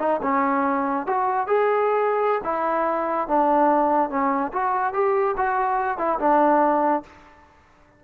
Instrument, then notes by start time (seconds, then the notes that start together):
trombone
0.00 D#4
0.23 C#4
1.07 F#4
1.47 G#4
2.44 E4
3.28 D4
4.10 C#4
4.53 F#4
4.94 G4
5.37 F#4
5.98 E4
6.20 D4